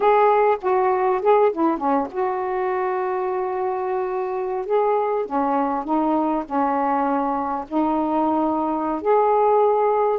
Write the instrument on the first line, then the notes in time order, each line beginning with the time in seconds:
saxophone
0.00 G#4
0.61 F#4
1.22 G#4
1.52 E4
1.77 C#4
2.11 F#4
4.65 G#4
5.25 C#4
5.84 D#4
6.45 C#4
7.68 D#4
9.01 G#4